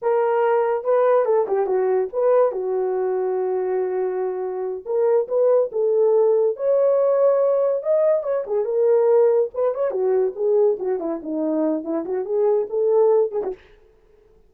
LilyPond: \new Staff \with { instrumentName = "horn" } { \time 4/4 \tempo 4 = 142 ais'2 b'4 a'8 g'8 | fis'4 b'4 fis'2~ | fis'2.~ fis'8 ais'8~ | ais'8 b'4 a'2 cis''8~ |
cis''2~ cis''8 dis''4 cis''8 | gis'8 ais'2 b'8 cis''8 fis'8~ | fis'8 gis'4 fis'8 e'8 dis'4. | e'8 fis'8 gis'4 a'4. gis'16 fis'16 | }